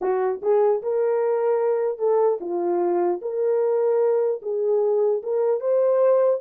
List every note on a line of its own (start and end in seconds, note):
0.01 0.41 F#4
0.41 0.81 G#4
0.82 1.98 A#4
1.98 2.38 A4
2.40 3.20 F4
3.21 4.41 A#4
4.42 5.22 G#4
5.22 5.60 A#4
5.60 6.40 C5